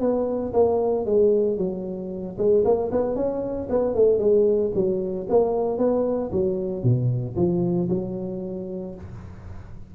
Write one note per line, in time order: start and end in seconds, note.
0.00 0.53 B3
0.53 1.05 A#3
1.05 1.58 G#3
1.58 2.37 F#3
2.38 2.64 G#3
2.65 2.91 A#3
2.92 3.16 B3
3.16 3.68 C#4
3.69 3.95 B3
3.95 4.19 A3
4.19 4.72 G#3
4.75 5.27 F#3
5.29 5.78 A#3
5.78 6.31 B3
6.32 6.83 F#3
6.83 7.36 B2
7.36 7.89 F3
7.89 8.94 F#3